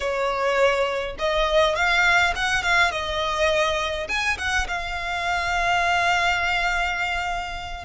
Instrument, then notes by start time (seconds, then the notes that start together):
violin
0.00 C#5
1.18 D#5
1.75 F5
2.35 F#5
2.62 F5
2.91 D#5
4.08 G#5
4.37 F#5
4.67 F5